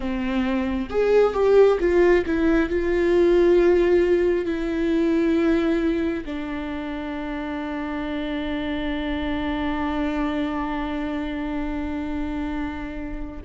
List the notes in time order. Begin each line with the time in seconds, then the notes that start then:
0.00 C4
0.89 G#4
1.34 G4
1.80 F4
2.26 E4
2.69 F4
4.45 E4
6.24 D4